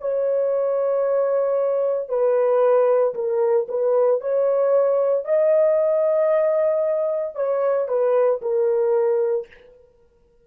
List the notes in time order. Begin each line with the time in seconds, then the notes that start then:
0.00 C#5
2.09 B4
3.14 A#4
3.68 B4
4.21 C#5
5.24 D#5
7.35 C#5
7.88 B4
8.41 A#4